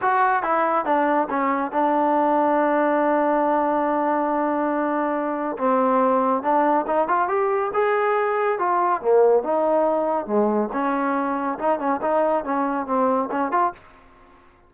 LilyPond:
\new Staff \with { instrumentName = "trombone" } { \time 4/4 \tempo 4 = 140 fis'4 e'4 d'4 cis'4 | d'1~ | d'1~ | d'4 c'2 d'4 |
dis'8 f'8 g'4 gis'2 | f'4 ais4 dis'2 | gis4 cis'2 dis'8 cis'8 | dis'4 cis'4 c'4 cis'8 f'8 | }